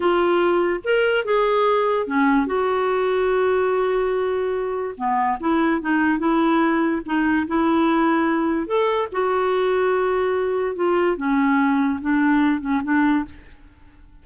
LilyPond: \new Staff \with { instrumentName = "clarinet" } { \time 4/4 \tempo 4 = 145 f'2 ais'4 gis'4~ | gis'4 cis'4 fis'2~ | fis'1 | b4 e'4 dis'4 e'4~ |
e'4 dis'4 e'2~ | e'4 a'4 fis'2~ | fis'2 f'4 cis'4~ | cis'4 d'4. cis'8 d'4 | }